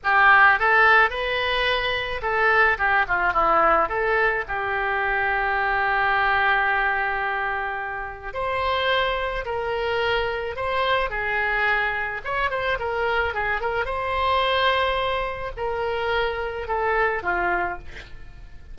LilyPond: \new Staff \with { instrumentName = "oboe" } { \time 4/4 \tempo 4 = 108 g'4 a'4 b'2 | a'4 g'8 f'8 e'4 a'4 | g'1~ | g'2. c''4~ |
c''4 ais'2 c''4 | gis'2 cis''8 c''8 ais'4 | gis'8 ais'8 c''2. | ais'2 a'4 f'4 | }